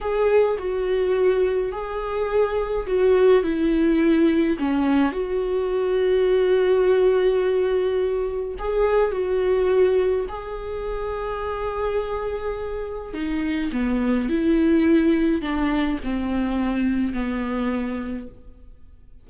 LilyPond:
\new Staff \with { instrumentName = "viola" } { \time 4/4 \tempo 4 = 105 gis'4 fis'2 gis'4~ | gis'4 fis'4 e'2 | cis'4 fis'2.~ | fis'2. gis'4 |
fis'2 gis'2~ | gis'2. dis'4 | b4 e'2 d'4 | c'2 b2 | }